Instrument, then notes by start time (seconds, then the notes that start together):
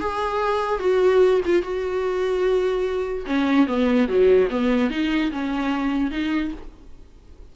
viola
0.00 G#4
0.80 F#4
1.46 F4
1.63 F#4
3.26 C#4
3.67 B3
4.09 F#3
4.50 B3
4.91 D#4
5.32 C#4
6.12 D#4